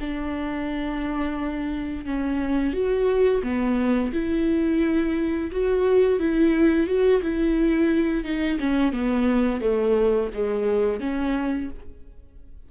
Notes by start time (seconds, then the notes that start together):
0.00 D4
2.05 C#4
2.73 F#4
3.43 B3
4.13 E4
5.51 F#4
6.19 E4
6.87 F#4
7.22 E4
8.24 D#4
8.60 C#4
8.92 B3
9.61 A3
10.34 G#3
11.00 C#4